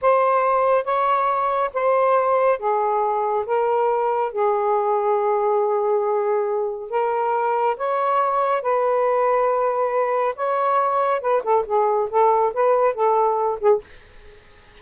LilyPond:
\new Staff \with { instrumentName = "saxophone" } { \time 4/4 \tempo 4 = 139 c''2 cis''2 | c''2 gis'2 | ais'2 gis'2~ | gis'1 |
ais'2 cis''2 | b'1 | cis''2 b'8 a'8 gis'4 | a'4 b'4 a'4. gis'8 | }